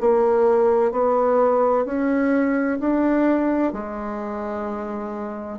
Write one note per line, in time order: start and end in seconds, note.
0.00 0.91 A#3
0.91 1.85 B3
1.85 2.79 C#4
2.80 3.72 D4
3.72 5.58 G#3